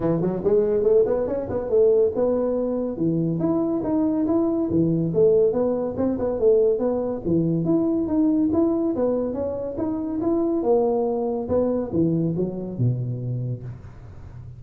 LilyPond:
\new Staff \with { instrumentName = "tuba" } { \time 4/4 \tempo 4 = 141 e8 fis8 gis4 a8 b8 cis'8 b8 | a4 b2 e4 | e'4 dis'4 e'4 e4 | a4 b4 c'8 b8 a4 |
b4 e4 e'4 dis'4 | e'4 b4 cis'4 dis'4 | e'4 ais2 b4 | e4 fis4 b,2 | }